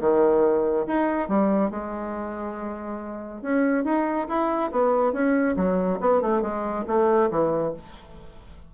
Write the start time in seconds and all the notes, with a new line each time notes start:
0.00 D#3
0.86 D#4
1.28 G3
1.70 G#3
3.42 C#4
3.84 D#4
4.28 E4
4.71 B3
5.13 C#4
5.56 F#3
6.00 B3
6.21 A3
6.41 G#3
6.87 A3
7.31 E3